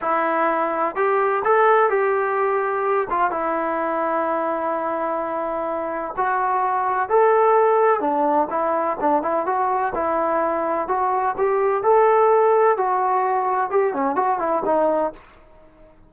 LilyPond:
\new Staff \with { instrumentName = "trombone" } { \time 4/4 \tempo 4 = 127 e'2 g'4 a'4 | g'2~ g'8 f'8 e'4~ | e'1~ | e'4 fis'2 a'4~ |
a'4 d'4 e'4 d'8 e'8 | fis'4 e'2 fis'4 | g'4 a'2 fis'4~ | fis'4 g'8 cis'8 fis'8 e'8 dis'4 | }